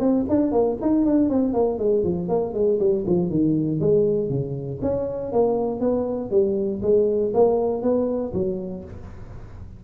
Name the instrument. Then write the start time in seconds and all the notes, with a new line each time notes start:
tuba
0.00 C4
0.29 D4
0.52 A#3
0.82 D#4
1.06 D4
1.30 C4
1.54 A#3
1.79 G#3
2.04 F3
2.29 A#3
2.54 G#3
2.80 G3
3.07 F3
3.30 D#3
3.81 G#3
4.30 C#3
4.82 C#4
5.32 A#3
5.81 B3
6.31 G3
6.82 G#3
7.34 A#3
7.82 B3
8.34 F#3